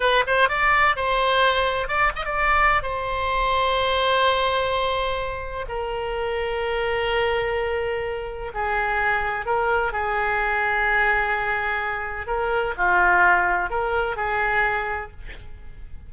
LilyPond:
\new Staff \with { instrumentName = "oboe" } { \time 4/4 \tempo 4 = 127 b'8 c''8 d''4 c''2 | d''8 dis''16 d''4~ d''16 c''2~ | c''1 | ais'1~ |
ais'2 gis'2 | ais'4 gis'2.~ | gis'2 ais'4 f'4~ | f'4 ais'4 gis'2 | }